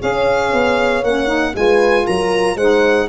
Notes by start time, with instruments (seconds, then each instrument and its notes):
0.00 tuba C#4, saxophone G#4, horn C#5, violin F5
0.53 tuba B3
1.03 tuba A#3, saxophone C#4, violin F#5
1.27 saxophone D#4
1.55 tuba G#3, saxophone F4, horn B4, violin G#5
2.06 tuba F#3, horn A#4, violin A#5
2.56 tuba G#3, saxophone D#4, horn C5, violin F#5